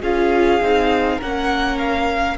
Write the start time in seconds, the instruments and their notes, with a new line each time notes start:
0.00 cello C#4, viola F4, violin G#4 F5
0.61 cello C4, viola D#4
1.17 cello A#3, viola C#4, violin A#4 F#5
1.78 violin F5